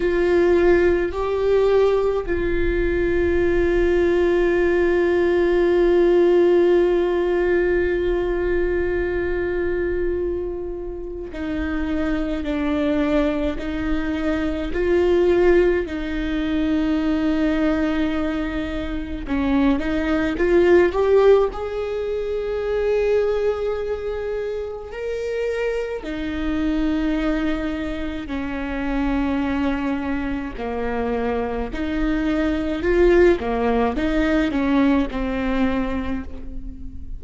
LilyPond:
\new Staff \with { instrumentName = "viola" } { \time 4/4 \tempo 4 = 53 f'4 g'4 f'2~ | f'1~ | f'2 dis'4 d'4 | dis'4 f'4 dis'2~ |
dis'4 cis'8 dis'8 f'8 g'8 gis'4~ | gis'2 ais'4 dis'4~ | dis'4 cis'2 ais4 | dis'4 f'8 ais8 dis'8 cis'8 c'4 | }